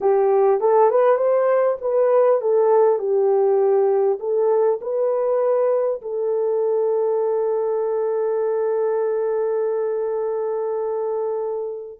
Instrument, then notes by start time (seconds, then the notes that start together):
horn
0.00 G4
0.60 A4
0.90 B4
1.17 C5
1.81 B4
2.41 A4
2.98 G4
4.19 A4
4.81 B4
6.01 A4